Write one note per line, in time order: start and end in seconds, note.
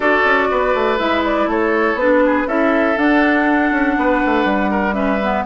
0.00 0.21 D4
0.00 0.98 F#4
0.00 0.48 A4
0.00 0.98 D5
0.24 0.49 C#4
0.50 0.74 B3
0.50 1.49 B4
0.74 0.99 A3
0.98 1.46 G#3
0.98 1.97 E4
0.98 1.23 E5
1.24 1.49 D5
1.46 1.94 A3
1.46 2.23 A4
1.46 1.98 C#5
1.94 2.44 B3
1.94 2.48 B4
2.01 2.47 D4
2.25 2.47 G#4
2.47 2.96 C#4
2.47 2.96 E4
2.47 3.96 A4
2.47 2.97 E5
2.96 4.93 D4
2.96 3.71 D4
2.96 4.93 F#5
3.71 3.95 C#4
3.97 4.22 B3
3.97 4.70 B4
4.25 4.44 A3
4.44 5.43 G3
4.70 4.95 A#4
4.93 5.18 C#4
4.93 5.44 B4
4.93 5.43 E5
5.22 5.45 B3